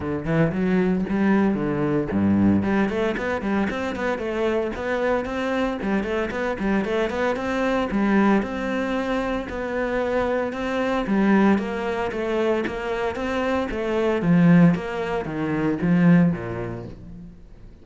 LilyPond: \new Staff \with { instrumentName = "cello" } { \time 4/4 \tempo 4 = 114 d8 e8 fis4 g4 d4 | g,4 g8 a8 b8 g8 c'8 b8 | a4 b4 c'4 g8 a8 | b8 g8 a8 b8 c'4 g4 |
c'2 b2 | c'4 g4 ais4 a4 | ais4 c'4 a4 f4 | ais4 dis4 f4 ais,4 | }